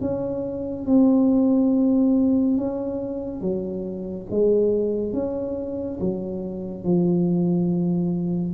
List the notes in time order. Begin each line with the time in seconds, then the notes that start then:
0.00 C#4
0.86 C4
2.57 C#4
3.41 F#3
4.31 G#3
5.13 C#4
6.00 F#3
6.84 F3